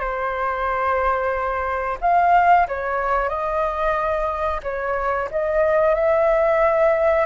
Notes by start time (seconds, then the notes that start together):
0.00 C5
2.01 F5
2.68 C#5
3.29 D#5
4.63 C#5
5.31 D#5
5.95 E5